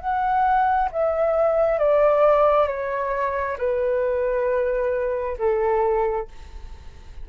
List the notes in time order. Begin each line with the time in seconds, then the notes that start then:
0.00 F#5
0.92 E5
1.79 D5
2.67 C#5
3.59 B4
5.39 A4